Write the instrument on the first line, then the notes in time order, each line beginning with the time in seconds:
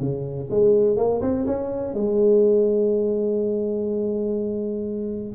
tuba
0.00 C#3
0.50 G#3
0.97 A#3
1.22 C4
1.46 C#4
1.94 G#3